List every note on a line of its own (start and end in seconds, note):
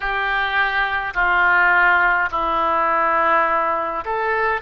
0.00 1.13 G4
1.13 2.29 F4
2.31 4.04 E4
4.04 4.61 A4